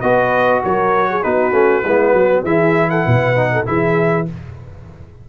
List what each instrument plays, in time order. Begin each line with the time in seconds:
0.00 tuba B3, trombone F#4, horn B4, trumpet D#5
0.63 tuba F#3, horn A#4, trumpet C#5
1.09 horn G#4
1.22 tuba B3, trombone D#4, horn F#4, trumpet B4
1.51 tuba A3, trombone C#4
1.84 tuba G#3, trombone B3, horn E4
2.13 tuba F#3, horn F#4
2.42 tuba E3, trombone E4, horn G#4, trumpet E5
2.89 horn A4, trumpet F#5
3.05 tuba B2, horn B4
3.35 trombone D#4
3.52 horn A4
3.65 tuba E3, trombone E4, horn G#4, trumpet E5